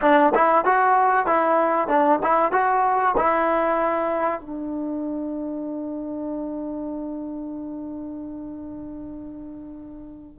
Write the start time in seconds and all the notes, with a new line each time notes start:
0.01 D4
0.34 E4
0.64 F#4
1.26 E4
1.88 D4
2.22 E4
2.51 F#4
3.17 E4
4.40 D4